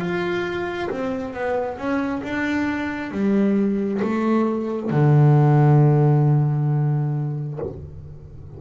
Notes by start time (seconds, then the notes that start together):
0.00 F4
0.90 C4
1.34 B3
1.78 C#4
2.23 D4
3.11 G3
4.02 A3
4.91 D3